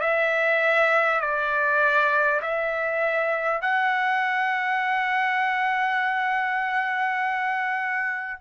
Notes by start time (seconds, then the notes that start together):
0.00 E5
1.21 D5
2.41 E5
3.61 F#5